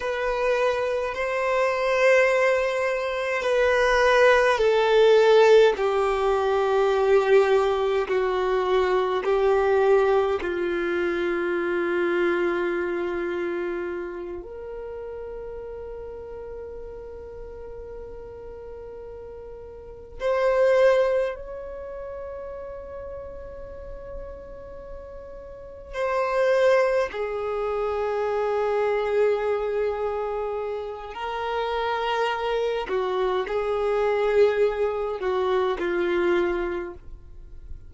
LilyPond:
\new Staff \with { instrumentName = "violin" } { \time 4/4 \tempo 4 = 52 b'4 c''2 b'4 | a'4 g'2 fis'4 | g'4 f'2.~ | f'8 ais'2.~ ais'8~ |
ais'4. c''4 cis''4.~ | cis''2~ cis''8 c''4 gis'8~ | gis'2. ais'4~ | ais'8 fis'8 gis'4. fis'8 f'4 | }